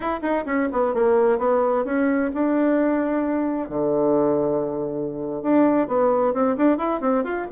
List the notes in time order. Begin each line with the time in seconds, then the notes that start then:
0.00 E4
0.21 D#4
0.45 C#4
0.72 B3
0.94 A#3
1.38 B3
1.85 C#4
2.33 D4
3.69 D3
5.42 D4
5.87 B3
6.33 C4
6.56 D4
6.77 E4
7.00 C4
7.23 F4